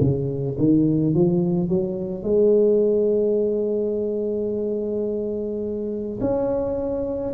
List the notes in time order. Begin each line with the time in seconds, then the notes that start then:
0.00 C#3
0.58 D#3
1.14 F3
1.69 F#3
2.23 G#3
6.21 C#4